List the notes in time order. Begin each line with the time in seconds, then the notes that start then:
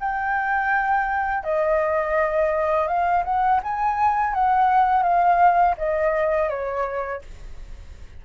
0.00 G5
1.43 D#5
2.88 F5
3.24 F#5
3.63 G#5
4.34 F#5
5.03 F5
5.78 D#5
6.49 C#5